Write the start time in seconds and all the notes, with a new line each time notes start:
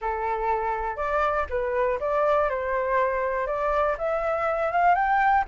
0.01 A4
0.96 D5
1.49 B4
2.00 D5
2.49 C5
3.47 D5
3.97 E5
4.72 F5
4.95 G5